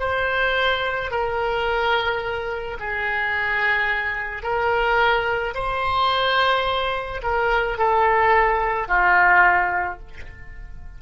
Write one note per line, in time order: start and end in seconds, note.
0.00 1.11 C5
1.12 2.78 A#4
2.80 4.43 G#4
4.43 5.55 A#4
5.55 7.22 C5
7.23 7.79 A#4
7.79 8.89 A4
8.89 10.00 F4